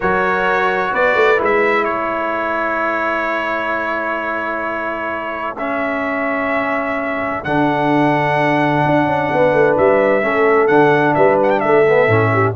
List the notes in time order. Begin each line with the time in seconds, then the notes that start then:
0.00 F#3 F#4 A#4 C#5
0.91 B3 B4 D5
1.15 A3
1.36 G#3 E4
1.44 E5
1.84 A3 A4 C#5
5.57 C#4 E5
7.43 D3 D4 F#5
8.85 D4
9.06 C#4
9.32 B3 B4
9.52 A3
9.77 G3 E5
10.22 A3 C#4 A4
10.67 D3 D4 F#5
11.14 G3 B4 E5
11.42 F#5
11.50 G5
11.60 A3 A4 E5
11.88 B3
12.07 A2 C#4
12.32 G4